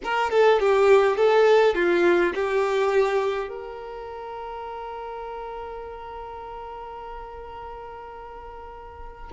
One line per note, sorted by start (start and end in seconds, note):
0.03 0.30 A#4
0.30 0.59 A4
0.59 1.16 G4
1.16 1.74 A4
1.74 2.33 F4
2.34 3.48 G4
3.48 9.31 A#4